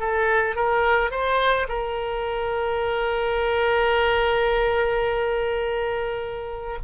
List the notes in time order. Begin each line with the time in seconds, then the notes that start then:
0.00 A4
0.56 A#4
1.11 C5
1.69 A#4